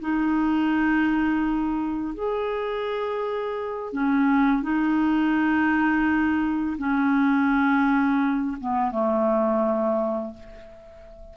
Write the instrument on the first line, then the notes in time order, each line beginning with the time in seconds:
clarinet
0.00 D#4
2.14 G#4
3.93 C#4
4.62 D#4
6.78 C#4
8.60 B3
8.91 A3